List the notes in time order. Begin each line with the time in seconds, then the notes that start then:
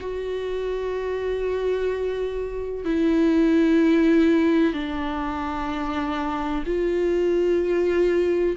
0.00 F#4
2.85 E4
4.73 D4
6.66 F4